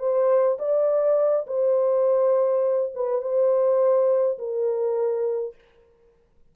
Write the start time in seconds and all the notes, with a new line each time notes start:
0.00 C5
0.59 D5
1.47 C5
2.95 B4
3.22 C5
4.39 A#4